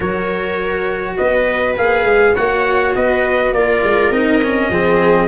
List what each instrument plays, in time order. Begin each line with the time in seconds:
0.00 tuba F#3, cello F#4, viola A#4, trumpet C#5
1.17 tuba B3, viola B4, trumpet D#5
1.77 tuba A#3, cello G#4, trumpet F5
2.04 tuba G#3
2.34 tuba A#3, cello F#4, viola C#5, trumpet F#5
2.95 tuba B3, viola B4, trumpet D#5
3.51 tuba A#3, cello F4, viola A#4, trumpet D5
3.83 tuba G#3
4.10 tuba C4, cello D#4, trumpet D#5
4.43 cello C#4
4.69 tuba F3, cello C4, viola G#4